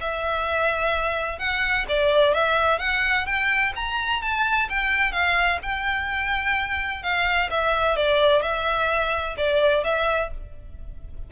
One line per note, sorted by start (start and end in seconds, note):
0.00 1.38 E5
1.38 1.85 F#5
1.88 2.34 D5
2.34 2.78 E5
2.78 3.25 F#5
3.26 3.72 G5
3.75 4.21 A#5
4.21 4.68 A5
4.69 5.11 G5
5.11 5.58 F5
5.62 7.02 G5
7.02 7.49 F5
7.50 7.96 E5
7.96 8.42 D5
8.42 9.35 E5
9.37 9.83 D5
9.83 10.30 E5